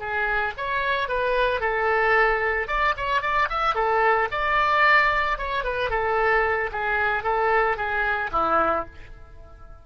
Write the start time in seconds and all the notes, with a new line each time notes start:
0.00 G#4
0.57 C#5
1.09 B4
1.61 A4
2.68 D5
2.97 C#5
3.22 D5
3.50 E5
3.75 A4
4.32 D5
5.39 C#5
5.64 B4
5.91 A4
6.72 G#4
7.24 A4
7.77 G#4
8.32 E4